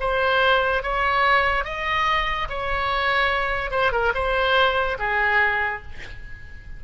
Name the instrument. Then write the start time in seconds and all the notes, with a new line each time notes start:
oboe
0.00 C5
0.83 C#5
1.64 D#5
2.49 C#5
3.71 C5
3.92 A#4
4.14 C5
4.99 G#4